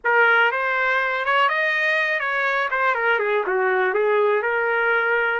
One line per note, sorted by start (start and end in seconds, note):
0.04 0.51 A#4
0.51 1.25 C5
1.25 1.48 C#5
1.48 2.19 D#5
2.19 2.68 C#5
2.70 2.95 C5
2.95 3.19 A#4
3.19 3.44 G#4
3.46 3.94 F#4
3.94 4.42 G#4
4.42 5.40 A#4